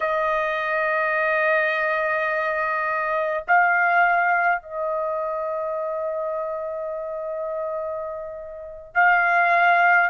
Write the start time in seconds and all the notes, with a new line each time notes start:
0.00 D#5
3.47 F5
4.62 D#5
8.94 F5